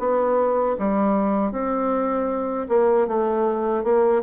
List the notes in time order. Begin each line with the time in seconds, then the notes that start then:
0.00 B3
0.79 G3
1.52 C4
2.69 A#3
3.08 A3
3.84 A#3